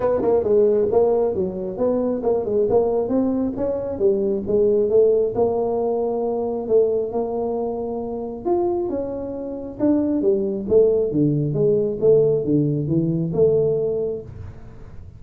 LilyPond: \new Staff \with { instrumentName = "tuba" } { \time 4/4 \tempo 4 = 135 b8 ais8 gis4 ais4 fis4 | b4 ais8 gis8 ais4 c'4 | cis'4 g4 gis4 a4 | ais2. a4 |
ais2. f'4 | cis'2 d'4 g4 | a4 d4 gis4 a4 | d4 e4 a2 | }